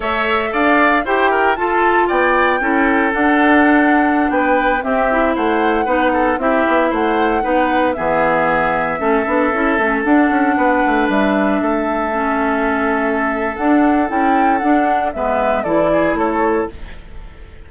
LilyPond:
<<
  \new Staff \with { instrumentName = "flute" } { \time 4/4 \tempo 4 = 115 e''4 f''4 g''4 a''4 | g''2 fis''2~ | fis''16 g''4 e''4 fis''4.~ fis''16~ | fis''16 e''4 fis''2 e''8.~ |
e''2.~ e''16 fis''8.~ | fis''4~ fis''16 e''2~ e''8.~ | e''2 fis''4 g''4 | fis''4 e''4 d''4 cis''4 | }
  \new Staff \with { instrumentName = "oboe" } { \time 4/4 cis''4 d''4 c''8 ais'8 a'4 | d''4 a'2.~ | a'16 b'4 g'4 c''4 b'8 a'16~ | a'16 g'4 c''4 b'4 gis'8.~ |
gis'4~ gis'16 a'2~ a'8.~ | a'16 b'2 a'4.~ a'16~ | a'1~ | a'4 b'4 a'8 gis'8 a'4 | }
  \new Staff \with { instrumentName = "clarinet" } { \time 4/4 a'2 g'4 f'4~ | f'4 e'4 d'2~ | d'4~ d'16 c'8 e'4. dis'8.~ | dis'16 e'2 dis'4 b8.~ |
b4~ b16 cis'8 d'8 e'8 cis'8 d'8.~ | d'2.~ d'16 cis'8.~ | cis'2 d'4 e'4 | d'4 b4 e'2 | }
  \new Staff \with { instrumentName = "bassoon" } { \time 4/4 a4 d'4 e'4 f'4 | b4 cis'4 d'2~ | d'16 b4 c'4 a4 b8.~ | b16 c'8 b8 a4 b4 e8.~ |
e4~ e16 a8 b8 cis'8 a8 d'8 cis'16~ | cis'16 b8 a8 g4 a4.~ a16~ | a2 d'4 cis'4 | d'4 gis4 e4 a4 | }
>>